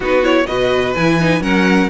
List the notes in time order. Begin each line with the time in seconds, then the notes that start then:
0.00 B3 D#4 F#4 B4
0.23 E4 C#5
0.46 B2 F#4 B4 D#5
0.94 E3 E4 G#5
1.20 D#4
1.40 F#3 C#4 A#4 F#5